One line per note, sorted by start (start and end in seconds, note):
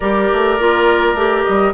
0.00 0.30 G3
0.00 0.59 G4
0.00 1.73 A#4
0.00 1.43 D5
0.32 0.59 A3
0.59 1.14 A#3
0.59 1.17 F4
1.14 1.43 A3
1.14 1.73 G4
1.43 1.73 G3
1.43 1.72 D#5